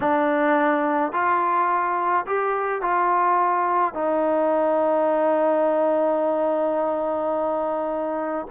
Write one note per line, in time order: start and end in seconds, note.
0.00 1.12 D4
1.12 2.25 F4
2.26 2.81 G4
2.81 3.94 F4
3.94 8.46 D#4